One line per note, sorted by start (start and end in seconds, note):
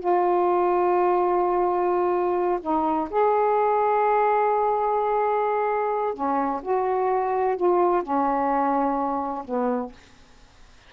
0.00 2.60 F4
2.62 3.09 D#4
3.10 6.14 G#4
6.14 6.61 C#4
6.62 7.57 F#4
7.57 8.03 F4
8.03 9.45 C#4
9.45 9.92 B3